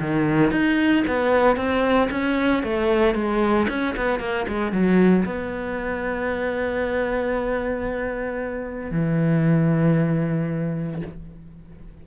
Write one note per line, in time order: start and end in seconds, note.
0.00 0.51 D#3
0.51 1.04 D#4
1.07 1.57 B3
1.57 2.09 C4
2.11 2.63 C#4
2.64 3.14 A3
3.14 3.67 G#3
3.69 3.95 C#4
3.97 4.20 B3
4.20 4.46 A#3
4.48 4.72 G#3
4.72 5.25 F#3
5.25 8.91 B3
8.91 11.02 E3